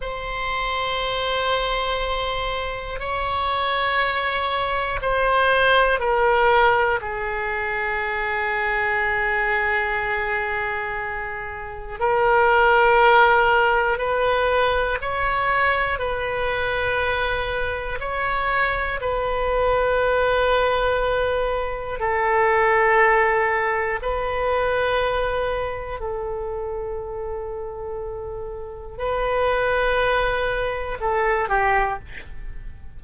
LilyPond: \new Staff \with { instrumentName = "oboe" } { \time 4/4 \tempo 4 = 60 c''2. cis''4~ | cis''4 c''4 ais'4 gis'4~ | gis'1 | ais'2 b'4 cis''4 |
b'2 cis''4 b'4~ | b'2 a'2 | b'2 a'2~ | a'4 b'2 a'8 g'8 | }